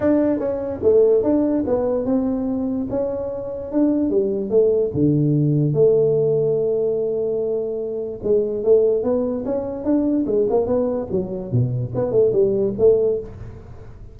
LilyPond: \new Staff \with { instrumentName = "tuba" } { \time 4/4 \tempo 4 = 146 d'4 cis'4 a4 d'4 | b4 c'2 cis'4~ | cis'4 d'4 g4 a4 | d2 a2~ |
a1 | gis4 a4 b4 cis'4 | d'4 gis8 ais8 b4 fis4 | b,4 b8 a8 g4 a4 | }